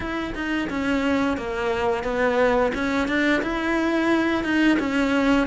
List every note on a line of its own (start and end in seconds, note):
0.00 0.33 E4
0.34 0.68 D#4
0.69 1.37 C#4
1.37 2.03 A#3
2.03 2.71 B3
2.74 3.08 C#4
3.08 3.42 D4
3.42 4.43 E4
4.43 4.78 D#4
4.79 5.47 C#4